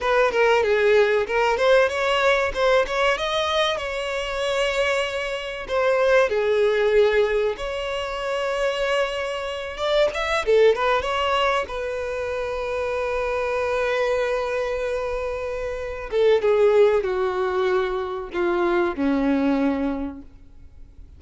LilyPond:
\new Staff \with { instrumentName = "violin" } { \time 4/4 \tempo 4 = 95 b'8 ais'8 gis'4 ais'8 c''8 cis''4 | c''8 cis''8 dis''4 cis''2~ | cis''4 c''4 gis'2 | cis''2.~ cis''8 d''8 |
e''8 a'8 b'8 cis''4 b'4.~ | b'1~ | b'4. a'8 gis'4 fis'4~ | fis'4 f'4 cis'2 | }